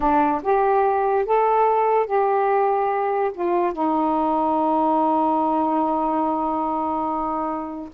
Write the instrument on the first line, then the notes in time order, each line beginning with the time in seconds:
saxophone
0.00 D4
0.42 G4
1.25 A4
2.06 G4
3.33 F4
3.73 D#4